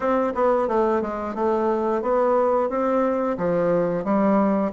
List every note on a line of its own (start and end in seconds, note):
0.00 0.33 C4
0.35 0.67 B3
0.67 1.01 A3
1.01 1.35 G#3
1.35 2.02 A3
2.02 2.69 B3
2.69 3.37 C4
3.37 4.04 F3
4.04 4.72 G3